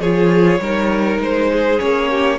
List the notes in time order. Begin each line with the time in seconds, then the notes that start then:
0.00 F3 F4 G#4 C#5
0.59 G3 D#4 A#4
1.20 G#3 C5
1.52 G#4
1.79 A#3 C#4 C#5
2.12 G4